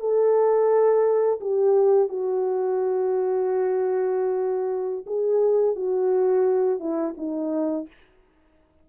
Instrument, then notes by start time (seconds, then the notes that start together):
horn
0.00 A4
1.40 G4
2.09 F#4
5.06 G#4
5.76 F#4
6.80 E4
7.17 D#4